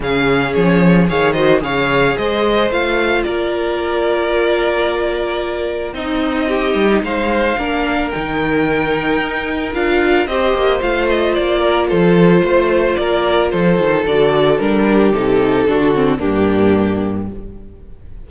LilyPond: <<
  \new Staff \with { instrumentName = "violin" } { \time 4/4 \tempo 4 = 111 f''4 cis''4 f''8 dis''8 f''4 | dis''4 f''4 d''2~ | d''2. dis''4~ | dis''4 f''2 g''4~ |
g''2 f''4 dis''4 | f''8 dis''8 d''4 c''2 | d''4 c''4 d''4 ais'4 | a'2 g'2 | }
  \new Staff \with { instrumentName = "violin" } { \time 4/4 gis'2 cis''8 c''8 cis''4 | c''2 ais'2~ | ais'2. dis'4 | g'4 c''4 ais'2~ |
ais'2. c''4~ | c''4. ais'8 a'4 c''4 | ais'4 a'2~ a'8 g'8~ | g'4 fis'4 d'2 | }
  \new Staff \with { instrumentName = "viola" } { \time 4/4 cis'2 gis'8 fis'8 gis'4~ | gis'4 f'2.~ | f'2. dis'4~ | dis'2 d'4 dis'4~ |
dis'2 f'4 g'4 | f'1~ | f'2 fis'4 d'4 | dis'4 d'8 c'8 ais2 | }
  \new Staff \with { instrumentName = "cello" } { \time 4/4 cis4 f4 dis4 cis4 | gis4 a4 ais2~ | ais2. c'4~ | c'8 g8 gis4 ais4 dis4~ |
dis4 dis'4 d'4 c'8 ais8 | a4 ais4 f4 a4 | ais4 f8 dis8 d4 g4 | c4 d4 g,2 | }
>>